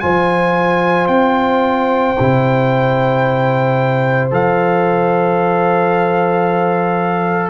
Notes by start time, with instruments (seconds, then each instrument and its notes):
0.00 tuba F3, trombone F4, horn C5, trumpet G#5
1.08 tuba C4, trumpet G5
2.20 tuba C3, trombone E4
4.31 tuba F3, trombone A4, trumpet F5